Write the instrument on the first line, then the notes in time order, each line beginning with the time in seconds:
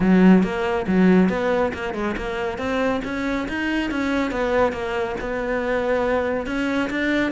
cello
0.00 F#3
0.43 A#3
0.87 F#3
1.29 B3
1.73 A#3
1.93 G#3
2.16 A#3
2.57 C4
3.04 C#4
3.48 D#4
3.90 C#4
4.31 B3
4.72 A#3
5.20 B3
6.46 C#4
6.90 D4